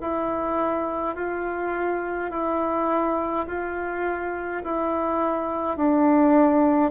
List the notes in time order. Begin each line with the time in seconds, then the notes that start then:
0.00 E4
1.15 F4
2.31 E4
3.47 F4
4.64 E4
5.77 D4